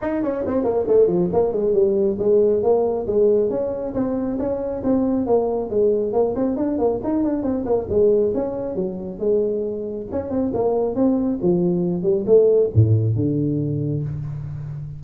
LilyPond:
\new Staff \with { instrumentName = "tuba" } { \time 4/4 \tempo 4 = 137 dis'8 cis'8 c'8 ais8 a8 f8 ais8 gis8 | g4 gis4 ais4 gis4 | cis'4 c'4 cis'4 c'4 | ais4 gis4 ais8 c'8 d'8 ais8 |
dis'8 d'8 c'8 ais8 gis4 cis'4 | fis4 gis2 cis'8 c'8 | ais4 c'4 f4. g8 | a4 a,4 d2 | }